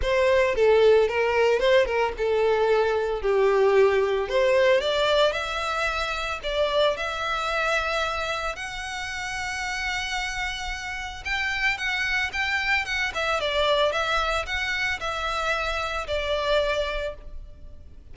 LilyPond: \new Staff \with { instrumentName = "violin" } { \time 4/4 \tempo 4 = 112 c''4 a'4 ais'4 c''8 ais'8 | a'2 g'2 | c''4 d''4 e''2 | d''4 e''2. |
fis''1~ | fis''4 g''4 fis''4 g''4 | fis''8 e''8 d''4 e''4 fis''4 | e''2 d''2 | }